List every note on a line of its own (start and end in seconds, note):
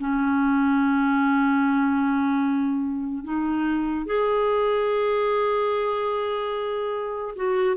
0.00 3.25 C#4
3.25 4.06 D#4
4.06 7.35 G#4
7.36 7.77 F#4